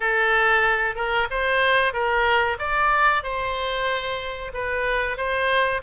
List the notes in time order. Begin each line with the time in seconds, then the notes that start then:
0.00 A4
0.95 A#4
1.30 C5
1.93 A#4
2.58 D5
3.23 C5
4.53 B4
5.17 C5